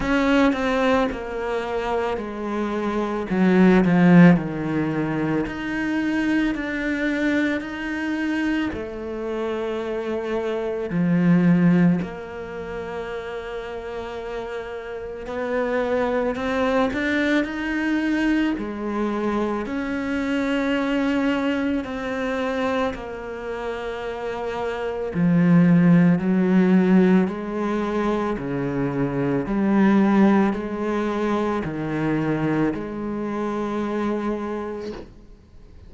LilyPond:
\new Staff \with { instrumentName = "cello" } { \time 4/4 \tempo 4 = 55 cis'8 c'8 ais4 gis4 fis8 f8 | dis4 dis'4 d'4 dis'4 | a2 f4 ais4~ | ais2 b4 c'8 d'8 |
dis'4 gis4 cis'2 | c'4 ais2 f4 | fis4 gis4 cis4 g4 | gis4 dis4 gis2 | }